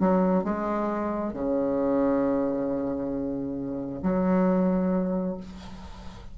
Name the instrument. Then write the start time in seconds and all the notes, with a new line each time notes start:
bassoon
0.00 F#3
0.44 G#3
1.34 C#3
4.03 F#3